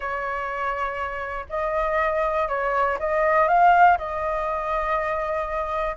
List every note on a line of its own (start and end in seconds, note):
0.00 1.45 C#5
1.49 2.48 D#5
2.48 2.98 C#5
2.99 3.47 D#5
3.47 3.97 F5
3.98 5.96 D#5